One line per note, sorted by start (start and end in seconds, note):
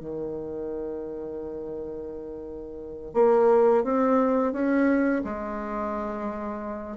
0.00 3.14 D#3
3.14 3.84 A#3
3.84 4.53 C4
4.53 5.23 C#4
5.25 6.97 G#3